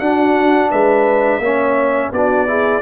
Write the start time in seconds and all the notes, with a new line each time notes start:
0.00 D4 F#4 F#5
0.71 G#3 B4 E5
1.39 A#3 C#4 C#5
2.12 B3 D4 F#4 D5
2.48 E4 G#4